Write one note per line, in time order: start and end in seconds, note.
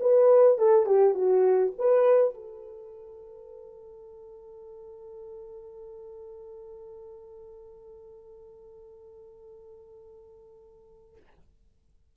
0.00 0.58 B4
0.58 0.86 A4
0.86 1.14 G4
1.14 1.73 F#4
1.78 2.34 B4
2.34 11.16 A4